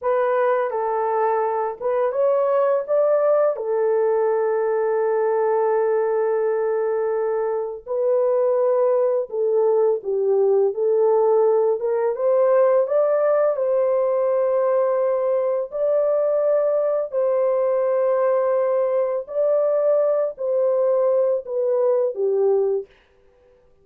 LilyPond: \new Staff \with { instrumentName = "horn" } { \time 4/4 \tempo 4 = 84 b'4 a'4. b'8 cis''4 | d''4 a'2.~ | a'2. b'4~ | b'4 a'4 g'4 a'4~ |
a'8 ais'8 c''4 d''4 c''4~ | c''2 d''2 | c''2. d''4~ | d''8 c''4. b'4 g'4 | }